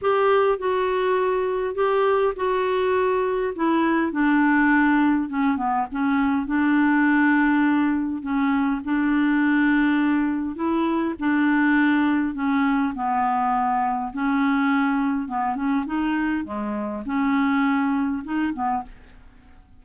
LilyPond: \new Staff \with { instrumentName = "clarinet" } { \time 4/4 \tempo 4 = 102 g'4 fis'2 g'4 | fis'2 e'4 d'4~ | d'4 cis'8 b8 cis'4 d'4~ | d'2 cis'4 d'4~ |
d'2 e'4 d'4~ | d'4 cis'4 b2 | cis'2 b8 cis'8 dis'4 | gis4 cis'2 dis'8 b8 | }